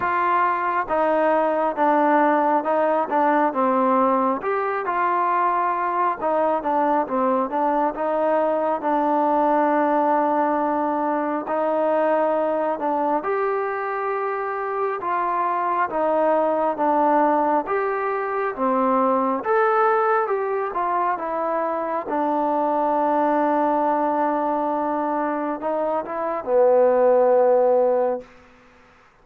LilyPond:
\new Staff \with { instrumentName = "trombone" } { \time 4/4 \tempo 4 = 68 f'4 dis'4 d'4 dis'8 d'8 | c'4 g'8 f'4. dis'8 d'8 | c'8 d'8 dis'4 d'2~ | d'4 dis'4. d'8 g'4~ |
g'4 f'4 dis'4 d'4 | g'4 c'4 a'4 g'8 f'8 | e'4 d'2.~ | d'4 dis'8 e'8 b2 | }